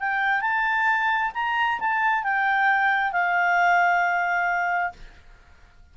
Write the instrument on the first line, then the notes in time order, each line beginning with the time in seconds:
clarinet
0.00 G5
0.41 A5
1.34 A#5
1.80 A5
2.24 G5
3.12 F5